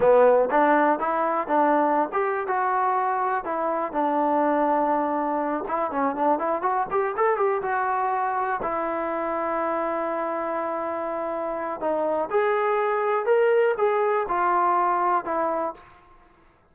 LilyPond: \new Staff \with { instrumentName = "trombone" } { \time 4/4 \tempo 4 = 122 b4 d'4 e'4 d'4~ | d'16 g'8. fis'2 e'4 | d'2.~ d'8 e'8 | cis'8 d'8 e'8 fis'8 g'8 a'8 g'8 fis'8~ |
fis'4. e'2~ e'8~ | e'1 | dis'4 gis'2 ais'4 | gis'4 f'2 e'4 | }